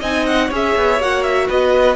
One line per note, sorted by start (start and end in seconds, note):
0.00 0.51 C4
0.00 0.51 D#4
0.00 0.48 D#5
0.00 0.26 G#5
0.26 0.51 F#5
0.48 0.75 C#4
0.48 1.01 G#4
0.48 1.46 C#5
0.55 1.02 E5
0.76 1.00 B3
1.00 1.49 A#3
1.00 1.96 F#4
1.00 1.23 F#5
1.23 1.47 E5
1.48 1.96 B3
1.48 1.96 B4
1.48 1.96 D#5